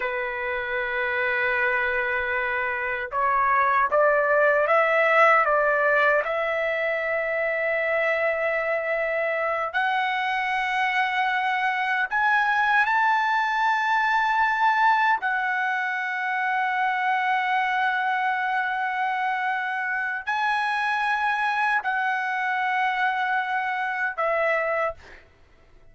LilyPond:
\new Staff \with { instrumentName = "trumpet" } { \time 4/4 \tempo 4 = 77 b'1 | cis''4 d''4 e''4 d''4 | e''1~ | e''8 fis''2. gis''8~ |
gis''8 a''2. fis''8~ | fis''1~ | fis''2 gis''2 | fis''2. e''4 | }